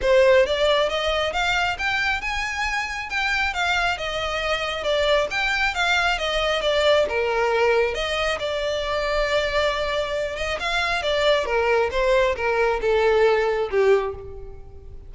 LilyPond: \new Staff \with { instrumentName = "violin" } { \time 4/4 \tempo 4 = 136 c''4 d''4 dis''4 f''4 | g''4 gis''2 g''4 | f''4 dis''2 d''4 | g''4 f''4 dis''4 d''4 |
ais'2 dis''4 d''4~ | d''2.~ d''8 dis''8 | f''4 d''4 ais'4 c''4 | ais'4 a'2 g'4 | }